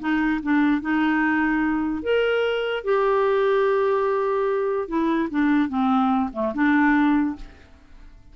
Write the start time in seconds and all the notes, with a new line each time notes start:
0.00 D#4
0.43 D4
0.82 D#4
2.03 A#4
2.85 G4
4.89 E4
5.31 D4
5.69 C4
6.33 A3
6.55 D4